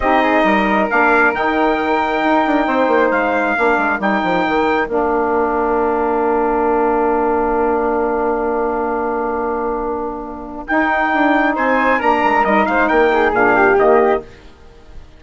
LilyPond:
<<
  \new Staff \with { instrumentName = "trumpet" } { \time 4/4 \tempo 4 = 135 dis''2 f''4 g''4~ | g''2. f''4~ | f''4 g''2 f''4~ | f''1~ |
f''1~ | f''1 | g''2 gis''4 ais''4 | dis''8 f''8 g''4 f''4 dis''4 | }
  \new Staff \with { instrumentName = "flute" } { \time 4/4 g'8 gis'8 ais'2.~ | ais'2 c''2 | ais'1~ | ais'1~ |
ais'1~ | ais'1~ | ais'2 c''4 ais'4~ | ais'8 c''8 ais'8 gis'4 g'4. | }
  \new Staff \with { instrumentName = "saxophone" } { \time 4/4 dis'2 d'4 dis'4~ | dis'1 | d'4 dis'2 d'4~ | d'1~ |
d'1~ | d'1 | dis'2. d'4 | dis'2 d'4 ais4 | }
  \new Staff \with { instrumentName = "bassoon" } { \time 4/4 c'4 g4 ais4 dis4~ | dis4 dis'8 d'8 c'8 ais8 gis4 | ais8 gis8 g8 f8 dis4 ais4~ | ais1~ |
ais1~ | ais1 | dis'4 d'4 c'4 ais8 gis8 | g8 gis8 ais4 ais,4 dis4 | }
>>